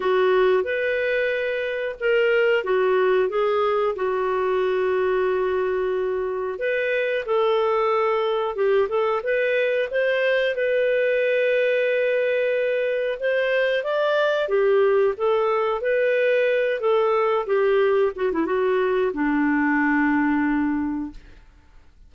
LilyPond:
\new Staff \with { instrumentName = "clarinet" } { \time 4/4 \tempo 4 = 91 fis'4 b'2 ais'4 | fis'4 gis'4 fis'2~ | fis'2 b'4 a'4~ | a'4 g'8 a'8 b'4 c''4 |
b'1 | c''4 d''4 g'4 a'4 | b'4. a'4 g'4 fis'16 e'16 | fis'4 d'2. | }